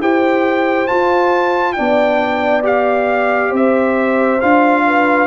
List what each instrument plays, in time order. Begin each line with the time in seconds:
0.00 tuba E4, trombone G4, horn C5, trumpet G5
0.87 trombone F4, tuba F4, trumpet A5
1.73 trombone D4, horn D5, trumpet G5
1.79 tuba B3
2.62 trombone G4, trumpet F5
3.50 tuba C4, horn C5, trumpet E5
4.41 tuba D4, trombone F4, trumpet F5
4.86 horn B4